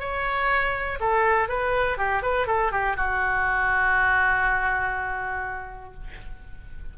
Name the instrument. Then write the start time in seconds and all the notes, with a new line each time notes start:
oboe
0.00 C#5
1.00 A4
1.49 B4
1.98 G4
2.23 B4
2.47 A4
2.72 G4
2.97 F#4